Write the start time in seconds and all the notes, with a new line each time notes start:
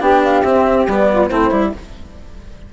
0.00 B3 D4 G4 G5
0.24 F5
0.43 C4 E5
0.87 G3 B3 D5
1.11 F4
1.28 A3 C4 E4 C5
1.51 G3 E4